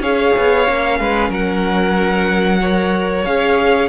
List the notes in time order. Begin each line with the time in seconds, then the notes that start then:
0.00 C#4 G#4 C#5 F5
0.37 B3
0.66 A#3 C#4
0.99 G#3 B4
1.29 F#3 A#4 F#5
2.61 A#4 C#5
3.25 C#4 G#4 F5